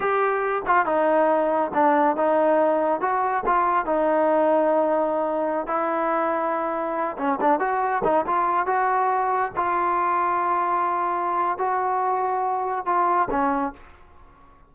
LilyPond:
\new Staff \with { instrumentName = "trombone" } { \time 4/4 \tempo 4 = 140 g'4. f'8 dis'2 | d'4 dis'2 fis'4 | f'4 dis'2.~ | dis'4~ dis'16 e'2~ e'8.~ |
e'8. cis'8 d'8 fis'4 dis'8 f'8.~ | f'16 fis'2 f'4.~ f'16~ | f'2. fis'4~ | fis'2 f'4 cis'4 | }